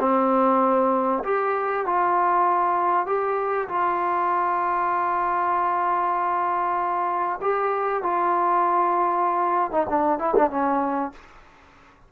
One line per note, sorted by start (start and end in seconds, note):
0.00 1.24 C4
1.24 1.86 G4
1.86 3.06 F4
3.06 3.68 G4
3.69 7.40 F4
7.42 8.03 G4
8.03 9.71 F4
9.71 9.87 D#4
9.89 10.19 D4
10.19 10.35 E4
10.36 10.50 D4
10.50 11.12 C#4